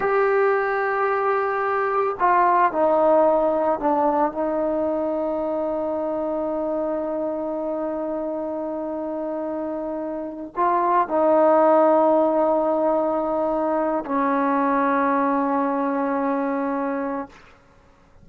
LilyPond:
\new Staff \with { instrumentName = "trombone" } { \time 4/4 \tempo 4 = 111 g'1 | f'4 dis'2 d'4 | dis'1~ | dis'1~ |
dis'2.~ dis'8 f'8~ | f'8 dis'2.~ dis'8~ | dis'2 cis'2~ | cis'1 | }